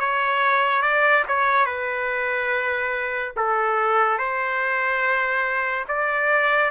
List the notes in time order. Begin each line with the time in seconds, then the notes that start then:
0.00 C#5
0.82 D5
1.28 C#5
1.66 B4
3.37 A4
4.19 C5
5.88 D5